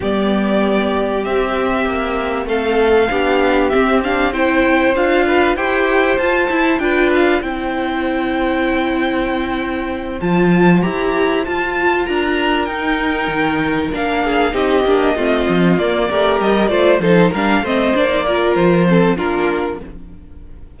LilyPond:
<<
  \new Staff \with { instrumentName = "violin" } { \time 4/4 \tempo 4 = 97 d''2 e''2 | f''2 e''8 f''8 g''4 | f''4 g''4 a''4 g''8 f''8 | g''1~ |
g''8 a''4 ais''4 a''4 ais''8~ | ais''8 g''2 f''4 dis''8~ | dis''4. d''4 dis''8 d''8 c''8 | f''8 dis''8 d''4 c''4 ais'4 | }
  \new Staff \with { instrumentName = "violin" } { \time 4/4 g'1 | a'4 g'2 c''4~ | c''8 b'8 c''2 b'4 | c''1~ |
c''2.~ c''8 ais'8~ | ais'2. gis'8 g'8~ | g'8 f'4. ais'4 c''8 a'8 | ais'8 c''4 ais'4 a'8 f'4 | }
  \new Staff \with { instrumentName = "viola" } { \time 4/4 b2 c'2~ | c'4 d'4 c'8 d'8 e'4 | f'4 g'4 f'8 e'8 f'4 | e'1~ |
e'8 f'4 g'4 f'4.~ | f'8 dis'2 d'4 dis'8 | d'8 c'4 ais8 g'4 f'8 dis'8 | d'8 c'8 d'16 dis'16 f'4 c'8 d'4 | }
  \new Staff \with { instrumentName = "cello" } { \time 4/4 g2 c'4 ais4 | a4 b4 c'2 | d'4 e'4 f'8 e'8 d'4 | c'1~ |
c'8 f4 e'4 f'4 d'8~ | d'8 dis'4 dis4 ais4 c'8 | ais8 a8 f8 ais8 a8 g8 a8 f8 | g8 a8 ais4 f4 ais4 | }
>>